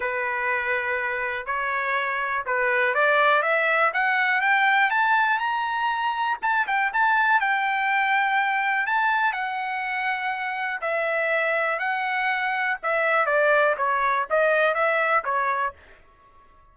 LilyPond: \new Staff \with { instrumentName = "trumpet" } { \time 4/4 \tempo 4 = 122 b'2. cis''4~ | cis''4 b'4 d''4 e''4 | fis''4 g''4 a''4 ais''4~ | ais''4 a''8 g''8 a''4 g''4~ |
g''2 a''4 fis''4~ | fis''2 e''2 | fis''2 e''4 d''4 | cis''4 dis''4 e''4 cis''4 | }